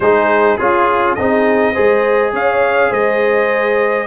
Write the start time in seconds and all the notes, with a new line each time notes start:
0.00 G#3 D#4 G#4 C5
0.57 C#4 F4 G#4
1.14 C4 D#4 G#4 D#5
1.73 G#3 G#4 C5
2.32 C#4 C#5 F5
2.90 G#3 C5 D#5